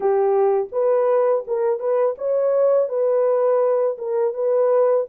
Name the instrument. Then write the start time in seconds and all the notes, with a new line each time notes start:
horn
0.00 G4
0.72 B4
1.47 A#4
1.79 B4
2.18 C#5
2.88 B4
3.98 A#4
4.34 B4